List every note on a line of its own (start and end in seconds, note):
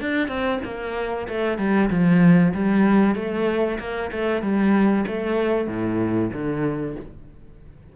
0.00 0.28 D4
0.28 0.59 C4
0.64 1.27 A#3
1.28 1.58 A3
1.58 1.89 G3
1.89 2.53 F3
2.53 3.15 G3
3.15 3.78 A3
3.79 4.11 A#3
4.11 4.42 A3
4.42 5.05 G3
5.07 5.67 A3
5.67 6.30 A2
6.32 6.96 D3